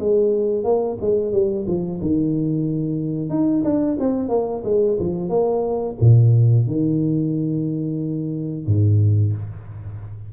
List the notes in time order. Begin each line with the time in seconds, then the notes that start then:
0.00 G#3
0.64 A#3
1.01 G#3
1.33 G3
1.68 F3
2.02 D#3
3.30 D#4
3.64 D4
4.00 C4
4.29 A#3
4.65 G#3
5.00 F3
5.29 A#3
6.01 A#2
6.67 D#3
8.67 G#2